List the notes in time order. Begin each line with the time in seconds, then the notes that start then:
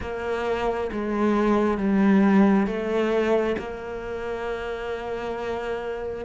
0.00 A#3
0.92 G#3
1.77 G3
2.66 A3
3.58 A#3